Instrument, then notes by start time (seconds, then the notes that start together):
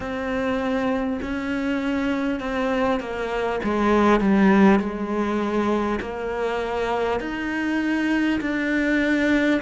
cello
0.00 C4
1.22 C#4
2.39 C4
2.99 A#3
3.63 G#3
4.20 G3
4.79 G#3
6.00 A#3
7.20 D#4
8.41 D4